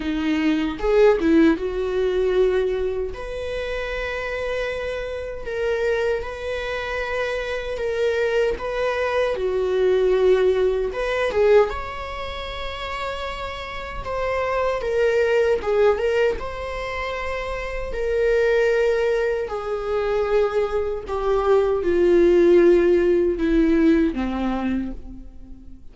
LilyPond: \new Staff \with { instrumentName = "viola" } { \time 4/4 \tempo 4 = 77 dis'4 gis'8 e'8 fis'2 | b'2. ais'4 | b'2 ais'4 b'4 | fis'2 b'8 gis'8 cis''4~ |
cis''2 c''4 ais'4 | gis'8 ais'8 c''2 ais'4~ | ais'4 gis'2 g'4 | f'2 e'4 c'4 | }